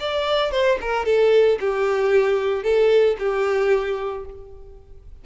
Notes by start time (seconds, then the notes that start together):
0.00 D5
0.52 C5
0.81 A#4
1.06 A4
1.60 G4
2.64 A4
3.19 G4